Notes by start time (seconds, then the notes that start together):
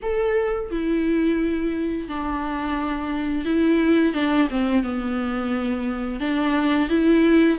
0.02 A4
0.71 E4
2.08 D4
3.45 E4
4.13 D4
4.50 C4
4.83 B3
6.20 D4
6.89 E4